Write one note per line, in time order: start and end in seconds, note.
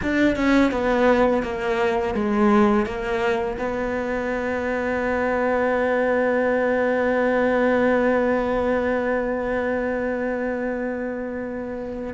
0.02 0.36 D4
0.36 0.71 C#4
0.71 1.43 B3
1.43 2.14 A#3
2.14 2.85 G#3
2.85 3.57 A#3
3.58 12.13 B3